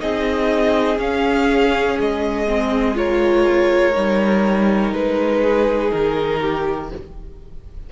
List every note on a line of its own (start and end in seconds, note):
0.00 0.99 C4
0.00 0.98 D#4
0.00 2.97 G#4
0.00 0.99 D#5
0.99 1.97 C#4
0.99 2.47 C#4
0.99 1.99 F5
2.01 3.96 G#3
2.01 2.98 D#5
2.48 2.95 C4
2.95 3.94 F4
2.95 5.42 A#4
2.95 4.94 C#5
3.94 4.93 G3
3.94 6.89 D#4
4.93 5.92 G#3
4.93 5.91 B4
5.42 6.41 G#4
5.91 6.92 D#3
5.91 6.90 A#4
6.41 6.90 G4